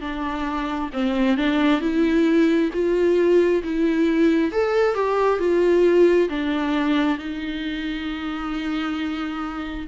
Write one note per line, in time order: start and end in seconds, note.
0.00 0.90 D4
0.93 1.37 C4
1.37 1.80 D4
1.80 2.70 E4
2.73 3.62 F4
3.63 4.52 E4
4.52 4.94 A4
4.94 5.39 G4
5.39 6.28 F4
6.28 7.18 D4
7.18 9.87 D#4